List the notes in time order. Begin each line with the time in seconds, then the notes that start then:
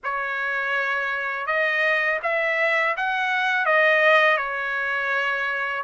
0.03 C#5
1.46 D#5
2.22 E5
2.96 F#5
3.66 D#5
4.37 C#5